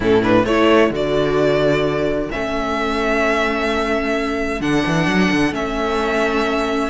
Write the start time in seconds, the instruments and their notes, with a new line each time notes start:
0.00 cello A2, viola C#4, violin E4 A4
0.22 viola D4, violin B4
0.45 cello A3, viola E4, violin A4 C#5
0.90 cello D3, viola F#4, violin D5
2.30 cello A3, viola C#4, violin E5
4.60 cello D3, viola D4, violin F#5
4.86 cello E3
5.07 cello F#3
5.31 cello D3
5.51 cello A3, viola C#4, violin E5